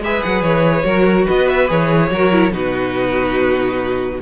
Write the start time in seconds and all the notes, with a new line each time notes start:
0.00 G#3 G#4 B4 E5
0.23 F#3 F#5
0.42 E3 C#5
0.84 F#3 F#4 A#4
1.26 B3 B4 D#5
1.49 E5
1.68 E3 G#4 C#5
2.11 F#3 F#4 A#4
2.32 E4
2.51 B2 D#4 F#4 B4